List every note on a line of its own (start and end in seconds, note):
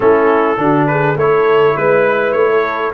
0.00 0.57 A3
0.00 0.57 C#4
0.00 0.59 E4
0.00 0.87 A4
0.57 1.16 D3
0.57 1.16 D4
0.57 0.90 F#4
0.87 1.19 G#4
0.87 1.16 B4
1.16 1.74 A3
1.16 2.93 E4
1.16 1.76 A4
1.16 1.76 C#5
1.76 2.33 G#3
1.76 2.32 B4
1.76 2.50 B4
2.32 2.92 A3
2.32 2.91 C#5
2.50 2.93 A4